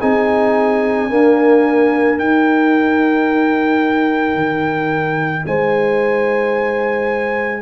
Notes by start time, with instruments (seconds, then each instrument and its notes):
0.00 tuba C4, trombone D#4, horn G#4, trumpet G#5
1.09 trombone A#3, tuba D4, horn A#4
2.17 trombone D#4, tuba D#4, trumpet G5
4.35 tuba D#3
5.46 tuba G#3, horn C5, trumpet G#5